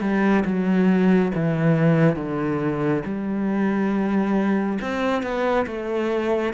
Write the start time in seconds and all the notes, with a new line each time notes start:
0.00 G3
0.45 F#3
1.34 E3
2.15 D3
3.04 G3
4.81 C4
5.22 B3
5.66 A3